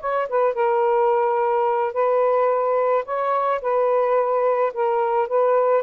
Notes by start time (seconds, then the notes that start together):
0.00 C#5
0.29 B4
0.54 A#4
1.93 B4
3.06 C#5
3.62 B4
4.74 A#4
5.28 B4